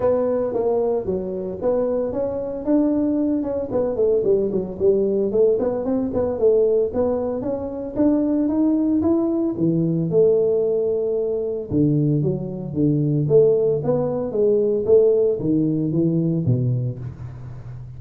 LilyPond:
\new Staff \with { instrumentName = "tuba" } { \time 4/4 \tempo 4 = 113 b4 ais4 fis4 b4 | cis'4 d'4. cis'8 b8 a8 | g8 fis8 g4 a8 b8 c'8 b8 | a4 b4 cis'4 d'4 |
dis'4 e'4 e4 a4~ | a2 d4 fis4 | d4 a4 b4 gis4 | a4 dis4 e4 b,4 | }